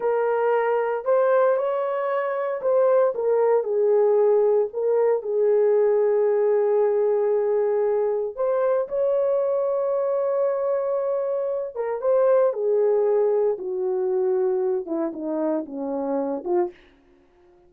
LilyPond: \new Staff \with { instrumentName = "horn" } { \time 4/4 \tempo 4 = 115 ais'2 c''4 cis''4~ | cis''4 c''4 ais'4 gis'4~ | gis'4 ais'4 gis'2~ | gis'1 |
c''4 cis''2.~ | cis''2~ cis''8 ais'8 c''4 | gis'2 fis'2~ | fis'8 e'8 dis'4 cis'4. f'8 | }